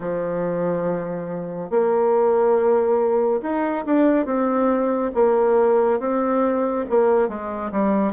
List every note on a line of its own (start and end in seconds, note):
0.00 1.69 F3
1.69 3.41 A#3
3.41 3.84 D#4
3.85 4.25 D4
4.25 5.11 C4
5.14 5.99 A#3
5.99 6.85 C4
6.89 7.28 A#3
7.28 7.71 G#3
7.71 8.12 G3